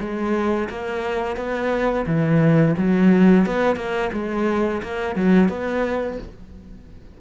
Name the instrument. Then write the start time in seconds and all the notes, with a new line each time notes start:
cello
0.00 G#3
0.69 A#3
1.37 B3
2.06 E3
2.78 F#3
3.46 B3
3.76 A#3
4.13 G#3
4.83 A#3
5.16 F#3
5.49 B3